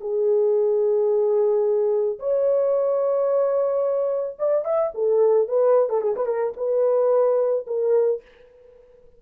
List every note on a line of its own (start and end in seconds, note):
0.00 2.18 G#4
2.19 4.37 C#5
4.38 4.64 D5
4.64 4.91 E5
4.94 5.48 A4
5.48 5.89 B4
5.89 6.01 A4
6.01 6.15 G#4
6.16 6.26 B4
6.26 6.53 A#4
6.57 7.66 B4
7.66 8.21 A#4